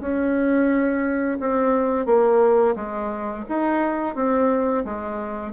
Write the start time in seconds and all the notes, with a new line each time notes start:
0.00 C#4
1.39 C4
2.06 A#3
2.75 G#3
3.49 D#4
4.15 C4
4.84 G#3